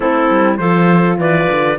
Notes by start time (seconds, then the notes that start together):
0.00 A3 C4 E4 A4
0.30 G3
0.57 F3 F4 A4 C5
1.17 E3 B4 D5
1.51 D3